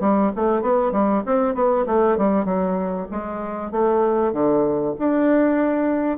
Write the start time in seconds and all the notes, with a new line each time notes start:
0.00 G3
0.35 A3
0.62 B3
0.92 G3
1.26 C4
1.54 B3
1.86 A3
2.17 G3
2.45 F#3
3.11 G#3
3.71 A3
4.32 D3
4.98 D4